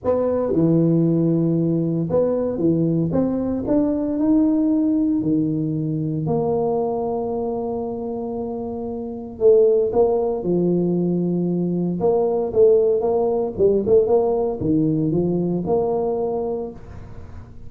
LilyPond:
\new Staff \with { instrumentName = "tuba" } { \time 4/4 \tempo 4 = 115 b4 e2. | b4 e4 c'4 d'4 | dis'2 dis2 | ais1~ |
ais2 a4 ais4 | f2. ais4 | a4 ais4 g8 a8 ais4 | dis4 f4 ais2 | }